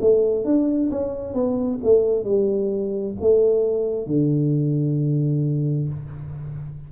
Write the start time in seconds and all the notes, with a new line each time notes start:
0.00 A3
0.44 D4
0.90 C#4
1.33 B3
1.83 A3
2.24 G3
3.20 A3
4.06 D3